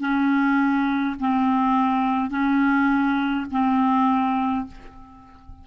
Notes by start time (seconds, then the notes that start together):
0.00 C#4
1.20 C4
2.30 C#4
3.51 C4